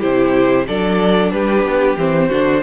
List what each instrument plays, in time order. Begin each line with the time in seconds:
0.00 cello C3, viola E4, violin G4 C5
0.67 cello F#3, viola D4, violin A4 D5
1.32 cello G3, violin G4 B4
1.63 cello B3
1.97 cello E3, viola C4, violin C5
2.28 cello D3, viola D4, violin F#4